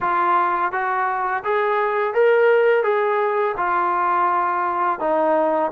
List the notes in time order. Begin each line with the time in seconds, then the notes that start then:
0.00 F4
0.71 F#4
1.44 G#4
2.14 A#4
2.83 G#4
3.57 F4
4.99 D#4